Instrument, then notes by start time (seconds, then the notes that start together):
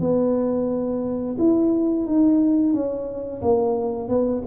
tuba
0.00 B3
1.39 E4
2.06 D#4
2.73 C#4
3.42 A#3
4.08 B3